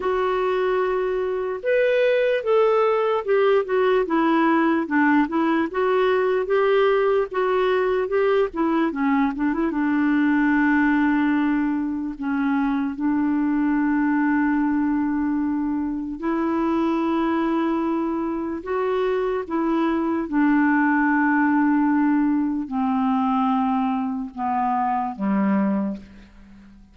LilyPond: \new Staff \with { instrumentName = "clarinet" } { \time 4/4 \tempo 4 = 74 fis'2 b'4 a'4 | g'8 fis'8 e'4 d'8 e'8 fis'4 | g'4 fis'4 g'8 e'8 cis'8 d'16 e'16 | d'2. cis'4 |
d'1 | e'2. fis'4 | e'4 d'2. | c'2 b4 g4 | }